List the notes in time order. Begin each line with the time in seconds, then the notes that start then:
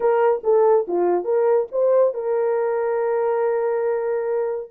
0.00 A#4
0.43 A4
0.87 F4
1.24 A#4
1.71 C5
2.14 A#4